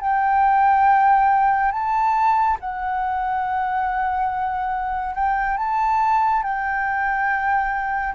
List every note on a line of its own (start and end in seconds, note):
0.00 1.71 G5
1.71 2.57 A5
2.59 5.14 F#5
5.14 5.57 G5
5.57 6.42 A5
6.42 8.14 G5